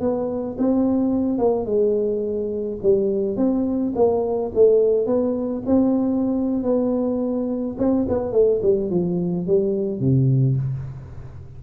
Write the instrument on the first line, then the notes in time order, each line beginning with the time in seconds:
tuba
0.00 B3
0.58 C4
1.38 A#3
1.65 G#3
2.82 G3
3.36 C4
3.95 A#3
4.54 A3
5.06 B3
5.66 C4
6.63 B3
7.78 C4
8.08 B3
8.32 A3
8.62 G3
8.90 F3
9.47 G3
10.00 C3